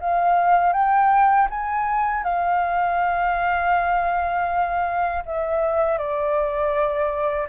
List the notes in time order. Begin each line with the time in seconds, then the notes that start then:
0.00 F5
0.73 G5
1.50 G#5
2.24 F5
5.26 E5
5.98 D5